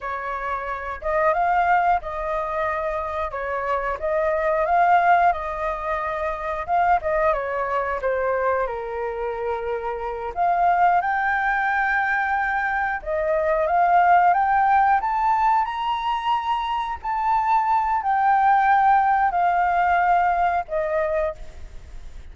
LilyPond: \new Staff \with { instrumentName = "flute" } { \time 4/4 \tempo 4 = 90 cis''4. dis''8 f''4 dis''4~ | dis''4 cis''4 dis''4 f''4 | dis''2 f''8 dis''8 cis''4 | c''4 ais'2~ ais'8 f''8~ |
f''8 g''2. dis''8~ | dis''8 f''4 g''4 a''4 ais''8~ | ais''4. a''4. g''4~ | g''4 f''2 dis''4 | }